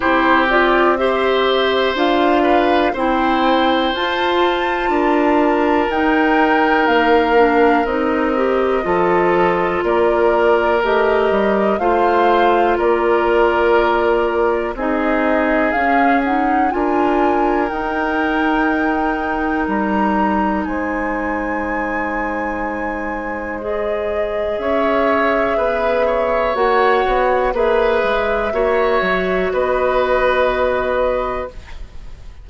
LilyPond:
<<
  \new Staff \with { instrumentName = "flute" } { \time 4/4 \tempo 4 = 61 c''8 d''8 e''4 f''4 g''4 | a''2 g''4 f''4 | dis''2 d''4 dis''4 | f''4 d''2 dis''4 |
f''8 fis''8 gis''4 g''2 | ais''4 gis''2. | dis''4 e''2 fis''4 | e''2 dis''2 | }
  \new Staff \with { instrumentName = "oboe" } { \time 4/4 g'4 c''4. b'8 c''4~ | c''4 ais'2.~ | ais'4 a'4 ais'2 | c''4 ais'2 gis'4~ |
gis'4 ais'2.~ | ais'4 c''2.~ | c''4 cis''4 b'8 cis''4. | b'4 cis''4 b'2 | }
  \new Staff \with { instrumentName = "clarinet" } { \time 4/4 e'8 f'8 g'4 f'4 e'4 | f'2 dis'4. d'8 | dis'8 g'8 f'2 g'4 | f'2. dis'4 |
cis'8 dis'8 f'4 dis'2~ | dis'1 | gis'2. fis'4 | gis'4 fis'2. | }
  \new Staff \with { instrumentName = "bassoon" } { \time 4/4 c'2 d'4 c'4 | f'4 d'4 dis'4 ais4 | c'4 f4 ais4 a8 g8 | a4 ais2 c'4 |
cis'4 d'4 dis'2 | g4 gis2.~ | gis4 cis'4 b4 ais8 b8 | ais8 gis8 ais8 fis8 b2 | }
>>